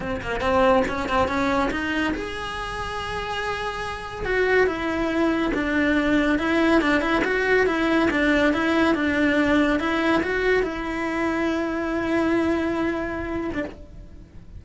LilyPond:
\new Staff \with { instrumentName = "cello" } { \time 4/4 \tempo 4 = 141 c'8 ais8 c'4 cis'8 c'8 cis'4 | dis'4 gis'2.~ | gis'2 fis'4 e'4~ | e'4 d'2 e'4 |
d'8 e'8 fis'4 e'4 d'4 | e'4 d'2 e'4 | fis'4 e'2.~ | e'2.~ e'8. d'16 | }